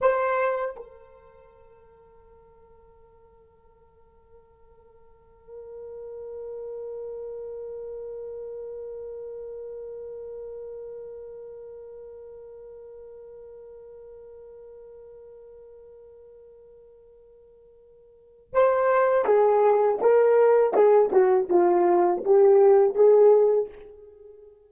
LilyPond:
\new Staff \with { instrumentName = "horn" } { \time 4/4 \tempo 4 = 81 c''4 ais'2.~ | ais'1~ | ais'1~ | ais'1~ |
ais'1~ | ais'1~ | ais'4 c''4 gis'4 ais'4 | gis'8 fis'8 f'4 g'4 gis'4 | }